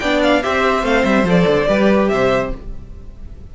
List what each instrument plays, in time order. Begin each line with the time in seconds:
0.00 cello B3, viola D4, violin D5 G5
0.23 violin F5
0.43 cello C4, viola G4, violin C5 E5
0.83 cello A3, viola C4, violin F5
1.05 cello G3, violin E5
1.24 cello F3, viola A4, violin D5
1.47 cello D3
1.67 cello G3, viola G4, violin B4
2.09 cello C3, violin C5 E5